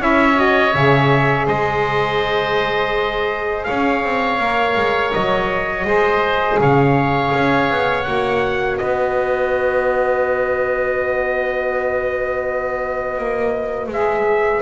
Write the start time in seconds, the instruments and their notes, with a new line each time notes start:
0.00 double bass C#4, saxophone E4, oboe C#5, trumpet E5
0.35 saxophone F#4, trumpet D#5
0.73 double bass C#3, saxophone G#4, trumpet E5
1.47 double bass G#3, oboe C5, trumpet D#5
3.64 double bass C#4, oboe C#5, trumpet F5
4.04 double bass C4
4.39 double bass A#3, saxophone A#4
4.76 double bass G#3
5.13 double bass F#3, trumpet D#5
5.85 double bass G#3, saxophone G#4, oboe C5
6.60 double bass C#3, oboe C#5, trumpet F5
7.34 double bass C#4
7.70 double bass B3
8.03 double bass A#3, saxophone F#4, trumpet F#5
8.78 double bass B3, oboe B4, trumpet D#5
13.18 double bass A#3
13.88 double bass G#3, saxophone G#4, trumpet E5